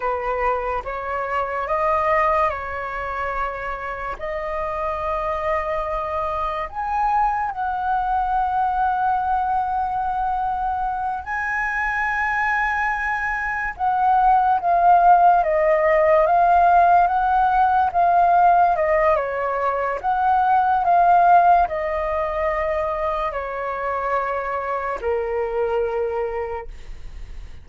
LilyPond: \new Staff \with { instrumentName = "flute" } { \time 4/4 \tempo 4 = 72 b'4 cis''4 dis''4 cis''4~ | cis''4 dis''2. | gis''4 fis''2.~ | fis''4. gis''2~ gis''8~ |
gis''8 fis''4 f''4 dis''4 f''8~ | f''8 fis''4 f''4 dis''8 cis''4 | fis''4 f''4 dis''2 | cis''2 ais'2 | }